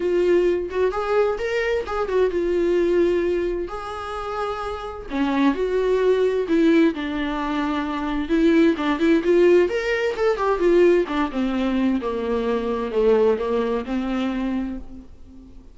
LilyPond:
\new Staff \with { instrumentName = "viola" } { \time 4/4 \tempo 4 = 130 f'4. fis'8 gis'4 ais'4 | gis'8 fis'8 f'2. | gis'2. cis'4 | fis'2 e'4 d'4~ |
d'2 e'4 d'8 e'8 | f'4 ais'4 a'8 g'8 f'4 | d'8 c'4. ais2 | a4 ais4 c'2 | }